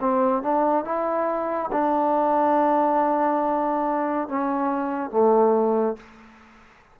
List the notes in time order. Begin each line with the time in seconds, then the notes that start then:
0.00 C4
0.42 D4
0.84 E4
1.71 D4
4.28 C#4
5.10 A3